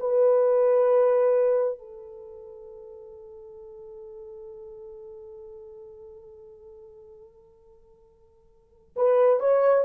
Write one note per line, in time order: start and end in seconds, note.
0.00 1.79 B4
1.79 8.95 A4
8.96 9.40 B4
9.40 9.85 C#5